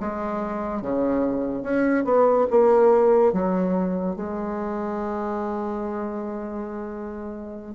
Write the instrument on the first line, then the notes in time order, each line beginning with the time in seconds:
bassoon
0.00 G#3
0.81 C#3
1.63 C#4
2.04 B3
2.50 A#3
3.33 F#3
4.16 G#3